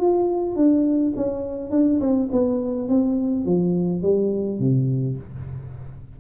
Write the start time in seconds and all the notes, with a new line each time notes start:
0.00 F4
0.56 D4
1.16 C#4
1.71 D4
2.01 C4
2.32 B3
2.89 C4
3.46 F3
4.03 G3
4.59 C3